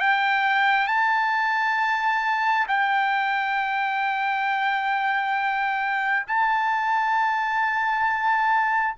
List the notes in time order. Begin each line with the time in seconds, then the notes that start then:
0.00 G5
0.88 A5
2.68 G5
6.27 A5